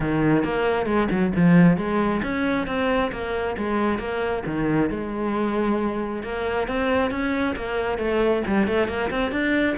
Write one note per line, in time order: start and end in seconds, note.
0.00 0.44 D#3
0.44 0.85 A#3
0.85 1.08 G#3
1.10 1.33 F#3
1.35 1.77 F3
1.77 2.21 G#3
2.22 2.66 C#4
2.66 3.11 C4
3.12 3.56 A#3
3.57 3.98 G#3
3.98 4.43 A#3
4.46 4.89 D#3
4.89 6.23 G#3
6.23 6.67 A#3
6.67 7.11 C4
7.11 7.55 C#4
7.56 7.98 A#3
7.98 8.42 A3
8.46 8.67 G3
8.67 8.87 A3
8.87 9.10 A#3
9.10 9.31 C4
9.31 9.76 D4